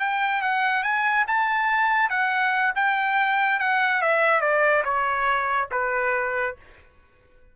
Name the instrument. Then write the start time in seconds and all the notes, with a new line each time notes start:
trumpet
0.00 G5
0.42 F#5
0.84 G#5
1.28 A5
2.10 F#5
2.76 G5
3.60 F#5
4.02 E5
4.41 D5
4.85 C#5
5.72 B4